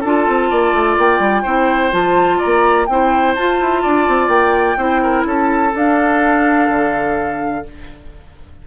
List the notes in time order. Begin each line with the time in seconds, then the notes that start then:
0.00 D4 F4 A4 A5
0.28 C4
0.50 A#3 D5
0.73 A3
0.98 A#3 G5
1.19 G3
1.42 C4 E4 C5
1.91 F3 F4 A5
2.38 D5 A#5
2.45 A#3
2.86 C4 E4 C5 G5
3.35 F4 A5
3.60 E4
3.82 D4 D5
4.08 C4
4.28 A#3 G5
4.77 C4 E4 C5
5.03 A#4
5.26 C#4 A4 A5
5.72 D4 F5
6.69 D3